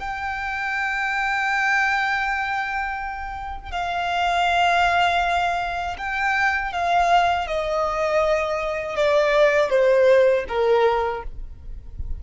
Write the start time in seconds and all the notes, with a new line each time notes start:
0.00 G5
3.72 F5
5.99 G5
6.73 F5
7.48 D#5
8.97 D5
9.71 C5
10.49 A#4